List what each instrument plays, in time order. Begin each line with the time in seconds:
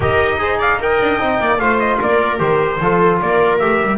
0.00 double bass D#4, trombone G4, viola A#4, trumpet D#5
0.38 trombone G#4, viola C5
0.58 viola D5, trumpet F5
0.79 trombone A#4, viola D#5, trumpet G5
1.01 double bass D4
1.19 double bass C4, trombone D#4
1.40 double bass A#3, viola D5
1.58 double bass A3, trombone F4, viola C5, trumpet F5
1.79 trumpet D#5
1.98 double bass A#3, viola A#4, trumpet D5
2.37 double bass D#3, trombone G4, trumpet C5
2.79 double bass F3, trombone F4, viola A4
3.21 double bass A#3, viola A#4, trumpet D5
3.58 double bass A3, trombone G4, trumpet E5
3.82 double bass G3